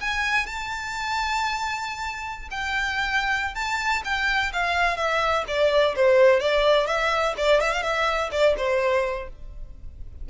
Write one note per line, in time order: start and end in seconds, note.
0.00 0.46 G#5
0.46 2.48 A5
2.50 3.55 G5
3.55 4.02 A5
4.04 4.52 G5
4.52 4.97 F5
4.97 5.44 E5
5.47 5.95 D5
5.95 6.40 C5
6.40 6.87 D5
6.87 7.34 E5
7.37 7.61 D5
7.61 7.72 E5
7.72 7.82 F5
7.82 8.30 E5
8.31 8.55 D5
8.57 9.29 C5